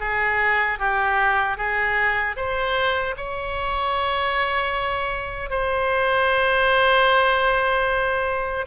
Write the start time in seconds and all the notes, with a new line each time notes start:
0.00 G#4
0.79 G4
1.57 G#4
2.36 C5
3.17 C#5
5.50 C5